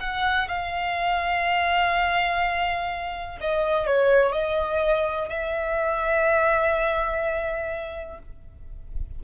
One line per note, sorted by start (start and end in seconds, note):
0.00 0.48 F#5
0.48 3.39 F5
3.41 3.87 D#5
3.87 4.33 C#5
4.33 5.29 D#5
5.29 8.20 E5